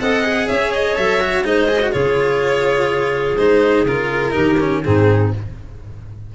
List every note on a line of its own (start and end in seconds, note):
0.00 0.49 C4
0.00 0.24 A4
0.00 0.48 D#5
0.00 0.48 F#5
0.24 0.96 G#4
0.48 0.97 C#4
0.48 1.44 C#5
0.48 0.72 E5
0.73 0.96 D#5
0.96 1.44 F#3
0.96 1.20 A4
0.96 1.45 E5
1.20 1.44 F#4
1.44 1.92 G#3
1.44 1.68 D#4
1.44 1.92 C5
1.44 1.92 D#5
1.68 1.80 G#4
1.81 1.92 F#4
1.92 3.37 C#3
1.92 3.37 F4
1.92 4.33 G#4
1.92 3.37 C#5
3.37 3.84 G#3
3.37 3.87 D#4
3.37 3.85 C5
3.84 4.32 C#3
3.84 4.31 F4
3.84 4.83 A#4
4.31 4.84 D#3
4.31 4.55 D#4
4.31 4.81 G4
4.60 4.84 C#4
4.83 5.34 G#2
4.83 5.33 C4
4.83 5.34 D#4
4.83 5.31 G#4